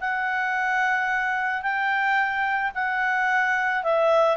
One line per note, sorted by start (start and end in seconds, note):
0.00 1.62 F#5
1.62 2.71 G5
2.74 3.83 F#5
3.83 4.37 E5